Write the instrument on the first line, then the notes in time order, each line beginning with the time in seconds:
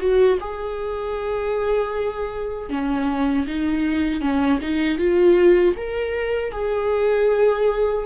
viola
0.00 F#4
0.40 G#4
2.70 C#4
3.47 D#4
4.21 C#4
4.62 D#4
4.99 F4
5.77 A#4
6.52 G#4